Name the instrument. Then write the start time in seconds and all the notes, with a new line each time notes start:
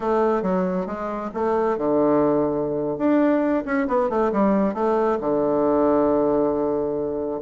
bassoon
0.00 A3
0.42 F#3
0.86 G#3
1.34 A3
1.77 D3
2.97 D4
3.65 C#4
3.87 B3
4.09 A3
4.32 G3
4.74 A3
5.20 D3